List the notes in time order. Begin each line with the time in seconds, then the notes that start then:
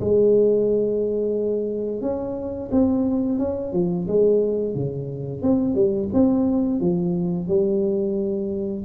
0.00 G#3
2.01 C#4
2.71 C4
3.39 C#4
3.73 F3
4.08 G#3
4.75 C#3
5.42 C4
5.75 G3
6.13 C4
6.80 F3
7.48 G3